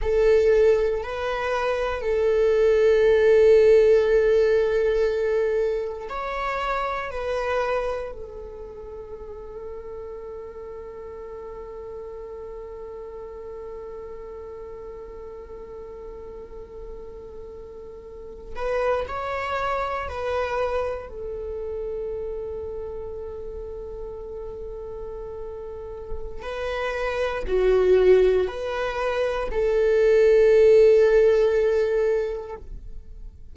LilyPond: \new Staff \with { instrumentName = "viola" } { \time 4/4 \tempo 4 = 59 a'4 b'4 a'2~ | a'2 cis''4 b'4 | a'1~ | a'1~ |
a'2~ a'16 b'8 cis''4 b'16~ | b'8. a'2.~ a'16~ | a'2 b'4 fis'4 | b'4 a'2. | }